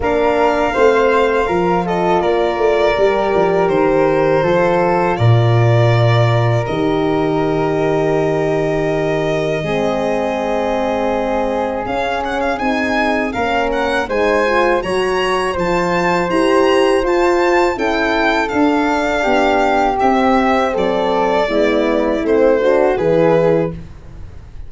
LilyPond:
<<
  \new Staff \with { instrumentName = "violin" } { \time 4/4 \tempo 4 = 81 f''2~ f''8 dis''8 d''4~ | d''4 c''2 d''4~ | d''4 dis''2.~ | dis''1 |
f''8 fis''16 f''16 gis''4 f''8 fis''8 gis''4 | ais''4 a''4 ais''4 a''4 | g''4 f''2 e''4 | d''2 c''4 b'4 | }
  \new Staff \with { instrumentName = "flute" } { \time 4/4 ais'4 c''4 ais'8 a'8 ais'4~ | ais'2 a'4 ais'4~ | ais'1~ | ais'4 gis'2.~ |
gis'2 ais'4 c''4 | cis''4 c''2. | a'2 g'2 | a'4 e'4. fis'8 gis'4 | }
  \new Staff \with { instrumentName = "horn" } { \time 4/4 d'4 c'4 f'2 | g'2 f'2~ | f'4 g'2.~ | g'4 c'2. |
cis'4 dis'4 cis'4 dis'8 f'8 | fis'4 f'4 g'4 f'4 | e'4 d'2 c'4~ | c'4 b4 c'8 d'8 e'4 | }
  \new Staff \with { instrumentName = "tuba" } { \time 4/4 ais4 a4 f4 ais8 a8 | g8 f8 dis4 f4 ais,4~ | ais,4 dis2.~ | dis4 gis2. |
cis'4 c'4 ais4 gis4 | fis4 f4 e'4 f'4 | cis'4 d'4 b4 c'4 | fis4 gis4 a4 e4 | }
>>